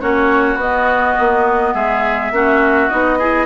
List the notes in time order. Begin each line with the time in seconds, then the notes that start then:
0.00 A#3 C#4 F#4 C#5
0.56 B3 D#5
1.19 A#3
1.74 G#3 G#4 E5
2.31 A#3 C#4 F#4
2.89 B3 D#4 D#5
3.18 E4 G#4